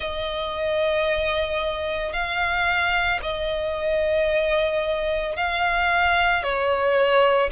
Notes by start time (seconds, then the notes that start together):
0.00 D#5
2.12 F5
3.22 D#5
5.36 F5
6.43 C#5